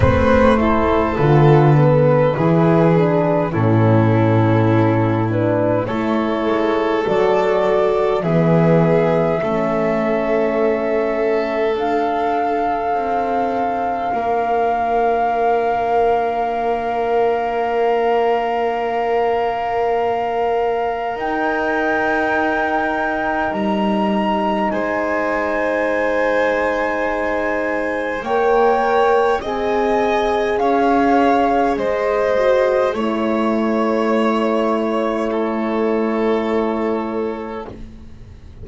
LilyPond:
<<
  \new Staff \with { instrumentName = "flute" } { \time 4/4 \tempo 4 = 51 c''4 b'2 a'4~ | a'8 b'8 cis''4 d''4 e''4~ | e''2 f''2~ | f''1~ |
f''2 g''2 | ais''4 gis''2. | g''4 gis''4 f''4 dis''4 | cis''1 | }
  \new Staff \with { instrumentName = "violin" } { \time 4/4 b'8 a'4. gis'4 e'4~ | e'4 a'2 gis'4 | a'1 | ais'1~ |
ais'1~ | ais'4 c''2. | cis''4 dis''4 cis''4 c''4 | cis''2 a'2 | }
  \new Staff \with { instrumentName = "horn" } { \time 4/4 c'8 e'8 f'8 b8 e'8 d'8 cis'4~ | cis'8 d'8 e'4 fis'4 b4 | cis'2 d'2~ | d'1~ |
d'2 dis'2~ | dis'1 | ais'4 gis'2~ gis'8 fis'8 | e'1 | }
  \new Staff \with { instrumentName = "double bass" } { \time 4/4 a4 d4 e4 a,4~ | a,4 a8 gis8 fis4 e4 | a2 d'4 c'4 | ais1~ |
ais2 dis'2 | g4 gis2. | ais4 c'4 cis'4 gis4 | a1 | }
>>